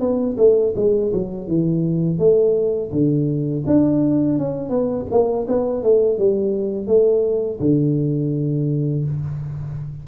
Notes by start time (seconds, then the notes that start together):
0.00 B3
0.38 A3
0.76 G#3
1.13 F#3
1.48 E3
2.19 A3
2.92 D3
3.67 D4
4.39 C#4
4.70 B3
5.11 A#3
5.48 B3
5.83 A3
6.18 G3
6.87 A3
7.60 D3